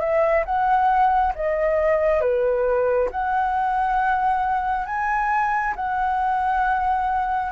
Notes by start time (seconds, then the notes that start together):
0.00 E5
0.45 F#5
1.35 D#5
2.21 B4
3.11 F#5
4.86 G#5
5.76 F#5